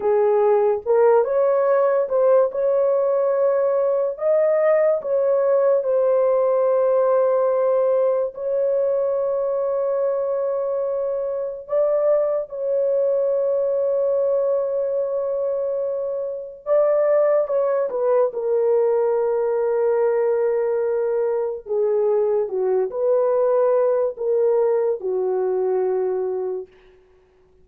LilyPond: \new Staff \with { instrumentName = "horn" } { \time 4/4 \tempo 4 = 72 gis'4 ais'8 cis''4 c''8 cis''4~ | cis''4 dis''4 cis''4 c''4~ | c''2 cis''2~ | cis''2 d''4 cis''4~ |
cis''1 | d''4 cis''8 b'8 ais'2~ | ais'2 gis'4 fis'8 b'8~ | b'4 ais'4 fis'2 | }